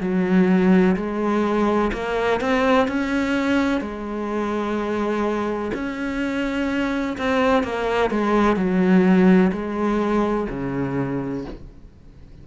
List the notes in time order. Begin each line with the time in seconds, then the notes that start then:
0.00 F#3
0.96 G#3
1.92 A#3
2.40 C4
2.87 C#4
3.81 G#3
5.74 C#4
7.17 C4
7.63 A#3
8.10 G#3
8.56 F#3
9.52 G#3
10.49 C#3